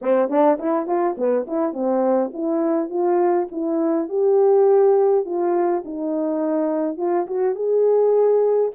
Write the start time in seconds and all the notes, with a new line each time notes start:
0.01 C4
0.29 D4
0.59 E4
0.86 F4
1.17 B3
1.47 E4
1.73 C4
2.33 E4
2.89 F4
3.51 E4
4.09 G4
5.25 F4
5.84 D#4
6.97 F4
7.27 F#4
7.55 G#4